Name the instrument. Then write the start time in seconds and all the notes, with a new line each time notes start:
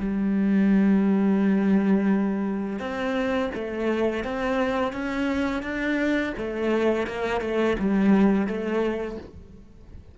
cello
0.00 G3
2.79 C4
3.55 A3
4.24 C4
4.93 C#4
5.63 D4
6.38 A3
7.07 A#3
7.41 A3
7.79 G3
8.47 A3